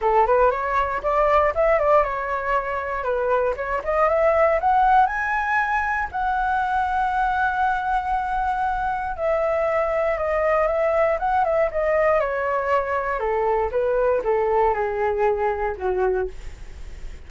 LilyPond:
\new Staff \with { instrumentName = "flute" } { \time 4/4 \tempo 4 = 118 a'8 b'8 cis''4 d''4 e''8 d''8 | cis''2 b'4 cis''8 dis''8 | e''4 fis''4 gis''2 | fis''1~ |
fis''2 e''2 | dis''4 e''4 fis''8 e''8 dis''4 | cis''2 a'4 b'4 | a'4 gis'2 fis'4 | }